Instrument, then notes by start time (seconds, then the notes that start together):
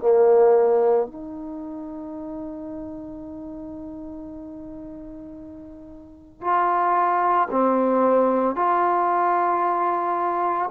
trombone
0.00 A#3
1.07 D#4
6.41 F4
7.50 C4
8.56 F4